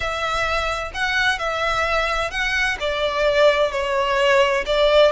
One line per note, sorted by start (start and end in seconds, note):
0.00 0.91 E5
0.93 1.38 F#5
1.38 2.30 E5
2.30 2.77 F#5
2.80 3.71 D5
3.71 4.64 C#5
4.66 5.11 D5